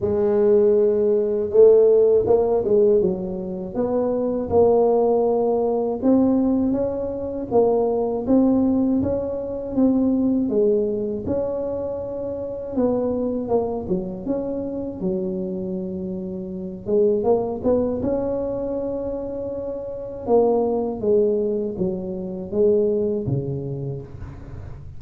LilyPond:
\new Staff \with { instrumentName = "tuba" } { \time 4/4 \tempo 4 = 80 gis2 a4 ais8 gis8 | fis4 b4 ais2 | c'4 cis'4 ais4 c'4 | cis'4 c'4 gis4 cis'4~ |
cis'4 b4 ais8 fis8 cis'4 | fis2~ fis8 gis8 ais8 b8 | cis'2. ais4 | gis4 fis4 gis4 cis4 | }